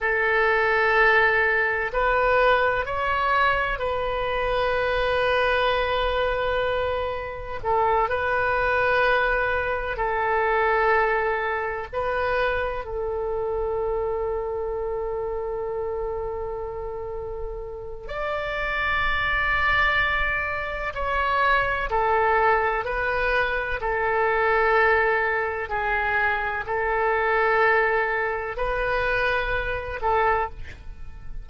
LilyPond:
\new Staff \with { instrumentName = "oboe" } { \time 4/4 \tempo 4 = 63 a'2 b'4 cis''4 | b'1 | a'8 b'2 a'4.~ | a'8 b'4 a'2~ a'8~ |
a'2. d''4~ | d''2 cis''4 a'4 | b'4 a'2 gis'4 | a'2 b'4. a'8 | }